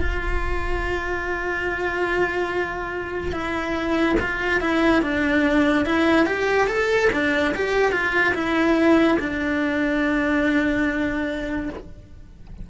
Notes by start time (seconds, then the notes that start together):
0.00 F4
3.33 E4
4.20 F4
4.61 E4
5.02 D4
5.85 E4
6.26 G4
6.67 A4
7.13 D4
7.55 G4
7.92 F4
8.34 E4
9.19 D4